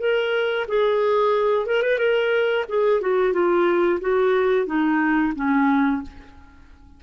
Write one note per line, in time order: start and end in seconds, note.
0.00 0.67 A#4
0.68 1.67 G#4
1.67 1.83 A#4
1.83 1.99 B4
1.99 2.65 A#4
2.69 3.02 G#4
3.02 3.33 F#4
3.33 4.00 F4
4.01 4.67 F#4
4.67 5.33 D#4
5.36 6.03 C#4